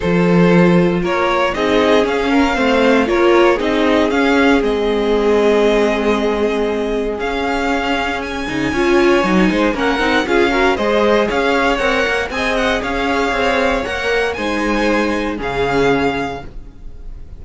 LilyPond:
<<
  \new Staff \with { instrumentName = "violin" } { \time 4/4 \tempo 4 = 117 c''2 cis''4 dis''4 | f''2 cis''4 dis''4 | f''4 dis''2.~ | dis''2 f''2 |
gis''2. fis''4 | f''4 dis''4 f''4 fis''4 | gis''8 fis''8 f''2 fis''4 | gis''2 f''2 | }
  \new Staff \with { instrumentName = "violin" } { \time 4/4 a'2 ais'4 gis'4~ | gis'8 ais'8 c''4 ais'4 gis'4~ | gis'1~ | gis'1~ |
gis'4 cis''4. c''8 ais'4 | gis'8 ais'8 c''4 cis''2 | dis''4 cis''2. | c''2 gis'2 | }
  \new Staff \with { instrumentName = "viola" } { \time 4/4 f'2. dis'4 | cis'4 c'4 f'4 dis'4 | cis'4 c'2.~ | c'2 cis'2~ |
cis'8 dis'8 f'4 dis'4 cis'8 dis'8 | f'8 fis'8 gis'2 ais'4 | gis'2. ais'4 | dis'2 cis'2 | }
  \new Staff \with { instrumentName = "cello" } { \time 4/4 f2 ais4 c'4 | cis'4 a4 ais4 c'4 | cis'4 gis2.~ | gis2 cis'2~ |
cis'8 cis8 cis'4 fis8 gis8 ais8 c'8 | cis'4 gis4 cis'4 c'8 ais8 | c'4 cis'4 c'4 ais4 | gis2 cis2 | }
>>